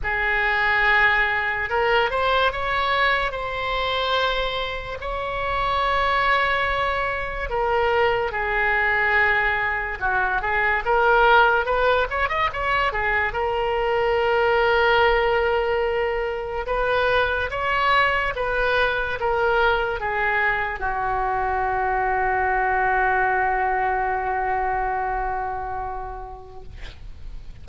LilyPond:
\new Staff \with { instrumentName = "oboe" } { \time 4/4 \tempo 4 = 72 gis'2 ais'8 c''8 cis''4 | c''2 cis''2~ | cis''4 ais'4 gis'2 | fis'8 gis'8 ais'4 b'8 cis''16 dis''16 cis''8 gis'8 |
ais'1 | b'4 cis''4 b'4 ais'4 | gis'4 fis'2.~ | fis'1 | }